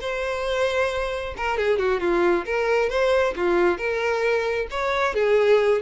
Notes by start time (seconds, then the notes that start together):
0.00 C5
1.37 A#4
1.57 G#4
1.78 F#4
2.00 F4
2.45 A#4
2.89 C5
3.36 F4
3.78 A#4
4.70 C#5
5.14 G#4